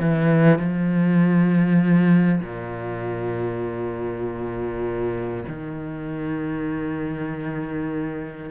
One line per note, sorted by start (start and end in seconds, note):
0.00 0.59 E3
0.59 2.40 F3
2.41 5.44 A#2
5.48 8.51 D#3